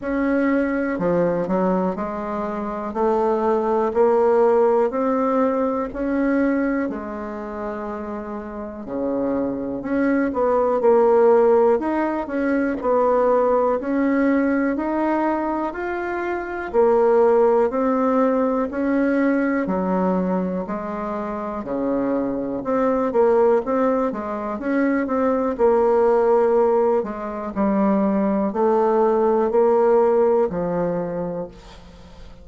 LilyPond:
\new Staff \with { instrumentName = "bassoon" } { \time 4/4 \tempo 4 = 61 cis'4 f8 fis8 gis4 a4 | ais4 c'4 cis'4 gis4~ | gis4 cis4 cis'8 b8 ais4 | dis'8 cis'8 b4 cis'4 dis'4 |
f'4 ais4 c'4 cis'4 | fis4 gis4 cis4 c'8 ais8 | c'8 gis8 cis'8 c'8 ais4. gis8 | g4 a4 ais4 f4 | }